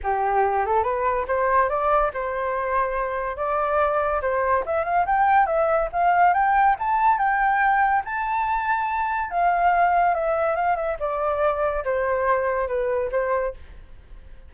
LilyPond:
\new Staff \with { instrumentName = "flute" } { \time 4/4 \tempo 4 = 142 g'4. a'8 b'4 c''4 | d''4 c''2. | d''2 c''4 e''8 f''8 | g''4 e''4 f''4 g''4 |
a''4 g''2 a''4~ | a''2 f''2 | e''4 f''8 e''8 d''2 | c''2 b'4 c''4 | }